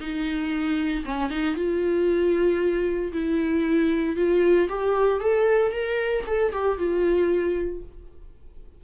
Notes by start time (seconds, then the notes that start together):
0.00 D#4
1.05 C#4
1.30 D#4
1.55 F4
3.12 E4
4.16 F4
4.69 G4
5.20 A4
5.72 A#4
6.26 A4
6.52 G4
6.78 F4